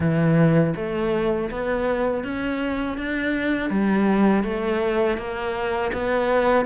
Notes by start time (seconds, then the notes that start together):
0.00 E3
0.75 A3
1.51 B3
2.24 C#4
2.97 D4
3.69 G3
4.43 A3
5.17 A#3
5.93 B3